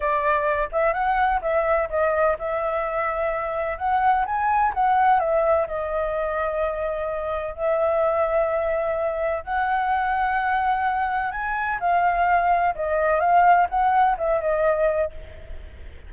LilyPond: \new Staff \with { instrumentName = "flute" } { \time 4/4 \tempo 4 = 127 d''4. e''8 fis''4 e''4 | dis''4 e''2. | fis''4 gis''4 fis''4 e''4 | dis''1 |
e''1 | fis''1 | gis''4 f''2 dis''4 | f''4 fis''4 e''8 dis''4. | }